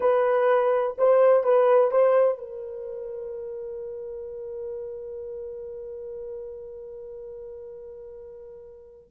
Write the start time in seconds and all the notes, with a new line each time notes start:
0.00 B4
0.98 C5
1.43 B4
1.91 C5
2.38 A#4